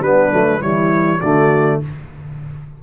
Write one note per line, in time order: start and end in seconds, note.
0.00 0.30 G3
0.00 0.32 B3
0.00 0.60 D4
0.00 0.62 B4
0.32 0.62 F#3
0.32 0.60 A3
0.60 1.21 E3
0.60 1.20 G3
0.60 1.20 E4
0.60 1.21 C#5
1.20 1.82 D3
1.20 1.83 A3
1.20 1.80 F#4
1.20 1.80 D5